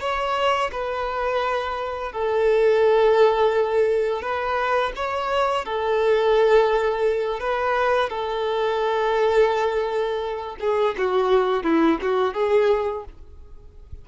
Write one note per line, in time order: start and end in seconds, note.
0.00 0.71 C#5
0.72 2.12 B4
2.12 4.22 A4
4.22 4.92 B4
4.96 5.65 C#5
5.65 7.40 A4
7.40 8.09 B4
8.09 10.56 A4
10.60 10.95 G#4
10.98 11.63 F#4
11.63 11.99 E4
12.02 12.34 F#4
12.34 13.04 G#4